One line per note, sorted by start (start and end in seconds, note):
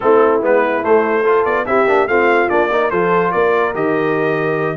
0.00 0.43 A3
0.00 0.41 C4
0.00 1.22 E4
0.00 0.41 A4
0.41 0.84 G#3
0.41 0.83 B3
0.41 0.84 B4
0.83 1.24 A3
0.83 1.45 A3
0.83 1.44 C5
1.22 1.66 F4
1.22 1.63 A4
1.44 1.66 B3
1.44 1.65 D5
1.66 1.86 C4
1.66 1.87 E4
1.66 2.09 G4
1.66 2.07 E5
1.86 2.07 A#3
1.86 2.08 D4
2.07 2.49 A3
2.07 2.48 C4
2.07 2.71 F4
2.07 2.49 F5
2.48 2.91 A#3
2.48 2.69 D4
2.48 2.90 D5
2.71 2.92 D#4
2.71 2.90 A#4
2.90 3.33 F3
2.90 3.74 F4
2.90 3.32 A4
2.90 3.31 C5
3.31 3.74 A#3
3.31 4.76 A#4
3.31 3.73 D5
3.74 4.76 D#3
3.74 4.76 G4
3.74 4.76 D#5